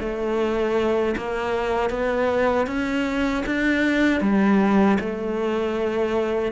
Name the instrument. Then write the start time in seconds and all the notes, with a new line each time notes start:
cello
0.00 A3
1.17 A#3
1.91 B3
2.67 C#4
3.47 D4
4.21 G3
5.00 A3